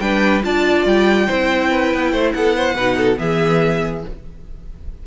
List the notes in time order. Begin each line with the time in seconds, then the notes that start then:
0.00 G3 D4 B4 G5
0.43 D4 F4 D5 A5
0.86 G3 G5
1.27 C4 E4 C5
1.70 B4
1.94 B3
2.12 A3 C5
2.33 B3 A4 F#5
2.56 C5
2.75 B2 D#4 B4
2.98 A4
3.16 E3 B3 G#4 E5